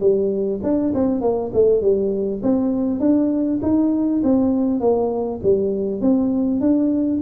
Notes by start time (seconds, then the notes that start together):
0.00 G3
0.63 D4
0.94 C4
1.21 A#3
1.53 A3
1.81 G3
2.42 C4
3.00 D4
3.62 D#4
4.24 C4
4.80 A#3
5.43 G3
6.01 C4
6.61 D4